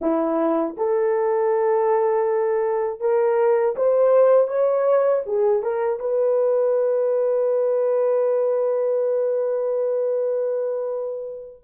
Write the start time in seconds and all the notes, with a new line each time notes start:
0.01 E4
0.77 A4
3.00 A#4
3.75 C5
4.47 C#5
5.26 G#4
5.62 A#4
5.99 B4